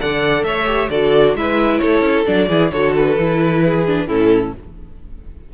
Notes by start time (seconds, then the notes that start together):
0.00 D3 A4 D5 F#5
0.43 A3 C#5 E5
0.66 G4
0.90 D3 F#4 A4 D5
1.35 G#3 E4 B4 E5
1.79 A3 A4 C#5
2.01 C#4
2.26 F#3 D4 D5
2.49 E3 E4 G#4
2.72 D3 F#4 A4 C#5
2.97 B4
3.17 E3 E4
3.66 G#4
3.87 D4
4.08 A2 C#4 E4 A4